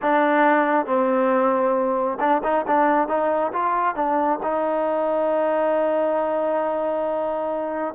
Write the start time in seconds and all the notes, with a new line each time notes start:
0.02 D4
0.86 C4
2.19 D4
2.43 D#4
2.67 D4
3.08 D#4
3.53 F4
3.95 D4
4.42 D#4